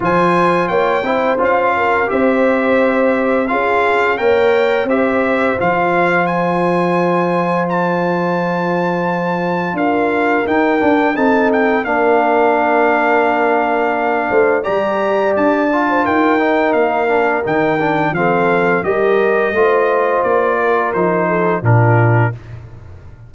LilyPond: <<
  \new Staff \with { instrumentName = "trumpet" } { \time 4/4 \tempo 4 = 86 gis''4 g''4 f''4 e''4~ | e''4 f''4 g''4 e''4 | f''4 gis''2 a''4~ | a''2 f''4 g''4 |
a''8 g''8 f''2.~ | f''4 ais''4 a''4 g''4 | f''4 g''4 f''4 dis''4~ | dis''4 d''4 c''4 ais'4 | }
  \new Staff \with { instrumentName = "horn" } { \time 4/4 c''4 cis''8 c''4 ais'8 c''4~ | c''4 gis'4 cis''4 c''4~ | c''1~ | c''2 ais'2 |
a'4 ais'2.~ | ais'8 c''8 d''4.~ d''16 c''16 ais'4~ | ais'2 a'4 ais'4 | c''4. ais'4 a'8 f'4 | }
  \new Staff \with { instrumentName = "trombone" } { \time 4/4 f'4. e'8 f'4 g'4~ | g'4 f'4 ais'4 g'4 | f'1~ | f'2. dis'8 d'8 |
dis'4 d'2.~ | d'4 g'4. f'4 dis'8~ | dis'8 d'8 dis'8 d'8 c'4 g'4 | f'2 dis'4 d'4 | }
  \new Staff \with { instrumentName = "tuba" } { \time 4/4 f4 ais8 c'8 cis'4 c'4~ | c'4 cis'4 ais4 c'4 | f1~ | f2 d'4 dis'8 d'8 |
c'4 ais2.~ | ais8 a8 g4 d'4 dis'4 | ais4 dis4 f4 g4 | a4 ais4 f4 ais,4 | }
>>